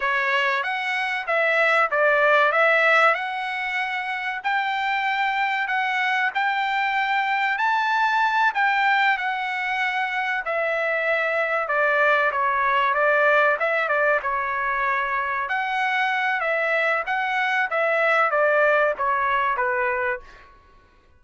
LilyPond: \new Staff \with { instrumentName = "trumpet" } { \time 4/4 \tempo 4 = 95 cis''4 fis''4 e''4 d''4 | e''4 fis''2 g''4~ | g''4 fis''4 g''2 | a''4. g''4 fis''4.~ |
fis''8 e''2 d''4 cis''8~ | cis''8 d''4 e''8 d''8 cis''4.~ | cis''8 fis''4. e''4 fis''4 | e''4 d''4 cis''4 b'4 | }